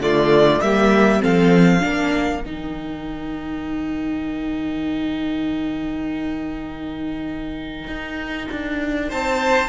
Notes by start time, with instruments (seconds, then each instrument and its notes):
0.00 cello D3, viola A3, violin F4 D5
0.61 cello G3, viola A#3, violin G4 E5
1.20 cello F3, viola C4, violin A4 F5
1.80 cello A#3, viola D4, violin A#4
2.44 cello D#3, viola D#4, violin G5
7.87 cello D#4
8.52 cello D4
9.10 cello C4, violin C5 A5